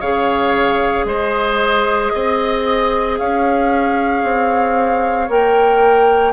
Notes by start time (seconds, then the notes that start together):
0.00 C#3 G#4 C#5 F5
1.05 G#3 C5 D#5
2.14 C4 D#5
3.18 C#4 C#5 F5
4.23 C4
5.29 A#3 A#4 G5